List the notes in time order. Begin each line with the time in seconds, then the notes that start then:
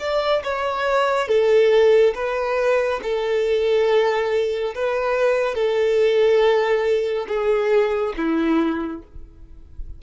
0.00 D5
0.44 C#5
1.29 A4
2.15 B4
3.03 A4
4.75 B4
5.55 A4
7.28 G#4
8.17 E4